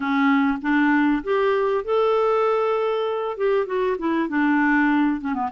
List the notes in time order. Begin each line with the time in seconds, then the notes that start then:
0.00 C#4
0.61 D4
1.23 G4
1.84 A4
3.37 G4
3.66 F#4
3.98 E4
4.29 D4
5.20 C#4
5.34 B3